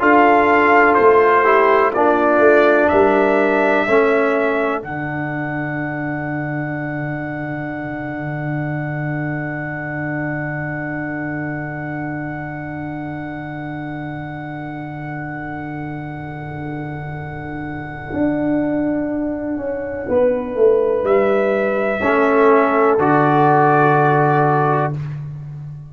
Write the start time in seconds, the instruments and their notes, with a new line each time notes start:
0.00 tuba D4, trombone F4, horn A4, trumpet F5
0.95 tuba A3, trumpet C5
1.44 trombone E4, horn G4
1.94 tuba A#3, trombone D4, horn F4, trumpet D5
2.39 tuba A3
2.89 tuba G3, horn A#4, trumpet E5
3.87 tuba A3, trombone C#4, horn A4
4.82 tuba D3, trombone D4, trumpet F#5
18.13 tuba D4
19.57 tuba C#4
20.08 tuba B3, horn B4
20.56 tuba A3
21.03 tuba G3, trumpet E5
22.02 tuba A3, trombone C#4, horn A4
22.98 tuba D3, trombone F#4, trumpet D5